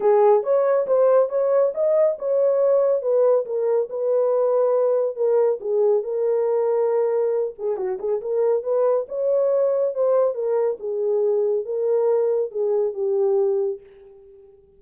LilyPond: \new Staff \with { instrumentName = "horn" } { \time 4/4 \tempo 4 = 139 gis'4 cis''4 c''4 cis''4 | dis''4 cis''2 b'4 | ais'4 b'2. | ais'4 gis'4 ais'2~ |
ais'4. gis'8 fis'8 gis'8 ais'4 | b'4 cis''2 c''4 | ais'4 gis'2 ais'4~ | ais'4 gis'4 g'2 | }